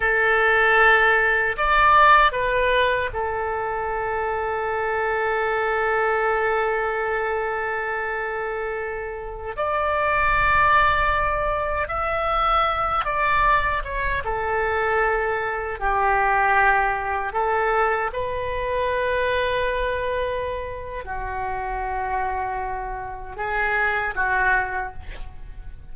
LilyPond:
\new Staff \with { instrumentName = "oboe" } { \time 4/4 \tempo 4 = 77 a'2 d''4 b'4 | a'1~ | a'1~ | a'16 d''2. e''8.~ |
e''8. d''4 cis''8 a'4.~ a'16~ | a'16 g'2 a'4 b'8.~ | b'2. fis'4~ | fis'2 gis'4 fis'4 | }